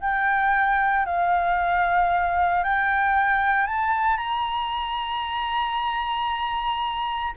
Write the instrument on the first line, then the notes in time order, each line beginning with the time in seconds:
flute
0.00 G5
1.05 F5
2.64 G5
3.67 A5
4.17 A#5